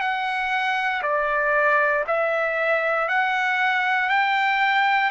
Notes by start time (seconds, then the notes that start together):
0.00 F#5
1.02 D5
2.07 E5
3.08 F#5
4.09 G5